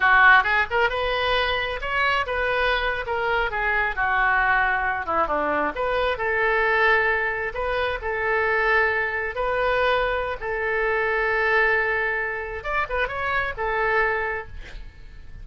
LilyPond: \new Staff \with { instrumentName = "oboe" } { \time 4/4 \tempo 4 = 133 fis'4 gis'8 ais'8 b'2 | cis''4 b'4.~ b'16 ais'4 gis'16~ | gis'8. fis'2~ fis'8 e'8 d'16~ | d'8. b'4 a'2~ a'16~ |
a'8. b'4 a'2~ a'16~ | a'8. b'2~ b'16 a'4~ | a'1 | d''8 b'8 cis''4 a'2 | }